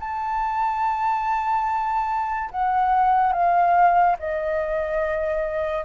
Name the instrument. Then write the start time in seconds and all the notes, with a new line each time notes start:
flute
0.00 A5
2.52 F#5
3.33 F5
4.20 D#5